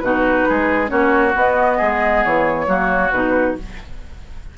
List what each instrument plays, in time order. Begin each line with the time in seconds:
0.00 bassoon B2, clarinet D#4, oboe F#4, flute B4
0.48 bassoon G#3, oboe G#4
0.87 bassoon A#3, clarinet C#4, oboe F#4, flute C#5
1.35 clarinet B3, bassoon B3, flute D#5
1.77 bassoon G#3, oboe G#4
2.24 bassoon E3, flute C#5
2.67 bassoon F#3, clarinet A#3, oboe F#4
3.12 bassoon B2, clarinet D#4, flute B4